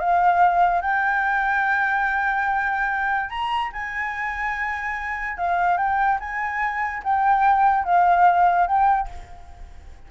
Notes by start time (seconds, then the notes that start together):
0.00 F5
0.82 G5
3.30 A#5
3.73 G#5
5.38 F5
5.78 G5
6.20 G#5
7.04 G5
7.85 F5
8.67 G5